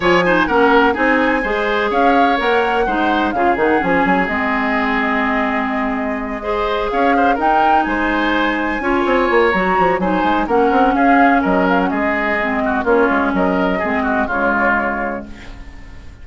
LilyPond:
<<
  \new Staff \with { instrumentName = "flute" } { \time 4/4 \tempo 4 = 126 gis''4 fis''4 gis''2 | f''4 fis''2 f''8 fis''8 | gis''4 dis''2.~ | dis''2~ dis''8 f''4 g''8~ |
g''8 gis''2.~ gis''8 | ais''4 gis''4 fis''4 f''4 | dis''8 f''16 fis''16 dis''2 cis''4 | dis''2 cis''2 | }
  \new Staff \with { instrumentName = "oboe" } { \time 4/4 cis''8 c''8 ais'4 gis'4 c''4 | cis''2 c''4 gis'4~ | gis'1~ | gis'4. c''4 cis''8 c''8 ais'8~ |
ais'8 c''2 cis''4.~ | cis''4 c''4 ais'4 gis'4 | ais'4 gis'4. fis'8 f'4 | ais'4 gis'8 fis'8 f'2 | }
  \new Staff \with { instrumentName = "clarinet" } { \time 4/4 f'8 dis'8 cis'4 dis'4 gis'4~ | gis'4 ais'4 dis'4 f'8 dis'8 | cis'4 c'2.~ | c'4. gis'2 dis'8~ |
dis'2~ dis'8 f'4. | fis'4 dis'4 cis'2~ | cis'2 c'4 cis'4~ | cis'4 c'4 gis2 | }
  \new Staff \with { instrumentName = "bassoon" } { \time 4/4 f4 ais4 c'4 gis4 | cis'4 ais4 gis4 cis8 dis8 | f8 fis8 gis2.~ | gis2~ gis8 cis'4 dis'8~ |
dis'8 gis2 cis'8 c'8 ais8 | fis8 f8 fis8 gis8 ais8 c'8 cis'4 | fis4 gis2 ais8 gis8 | fis4 gis4 cis2 | }
>>